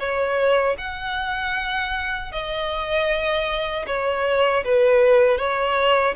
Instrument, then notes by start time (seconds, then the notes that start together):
violin
0.00 C#5
0.78 F#5
2.32 D#5
3.87 C#5
4.65 B4
5.38 C#5